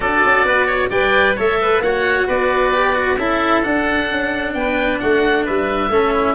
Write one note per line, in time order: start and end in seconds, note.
0.00 0.21 D4
0.00 0.91 F#4
0.00 0.46 A4
0.00 0.90 D5
0.24 0.44 C#4
0.44 0.89 B3
0.44 0.66 B4
0.66 0.89 C#5
0.89 1.36 G3
0.89 1.37 B4
0.89 1.35 D5
0.89 1.35 G5
1.35 1.79 A3
1.35 1.82 A4
1.35 1.58 C#5
1.35 1.82 E5
1.61 1.83 B4
1.79 2.25 A#3
1.79 2.73 F#4
1.79 2.26 C#5
1.79 2.27 F#5
2.26 3.17 B3
2.26 3.17 B4
2.26 3.18 D5
2.73 2.94 G4
2.94 3.17 F#4
3.17 3.62 C#4
3.17 3.63 E4
3.17 4.54 A4
3.17 3.62 E5
3.62 5.90 D4
3.62 4.10 D4
3.62 4.53 F#5
4.10 4.54 C#4
4.53 4.99 B3
4.53 5.01 B4
4.53 4.98 G5
4.99 5.48 A3
4.99 5.44 F#4
4.99 5.45 F#5
5.44 5.89 G3
5.44 5.90 B4
5.44 6.35 E5
5.89 6.34 A3
5.89 6.35 C#4
5.89 6.13 A4
6.13 6.35 E4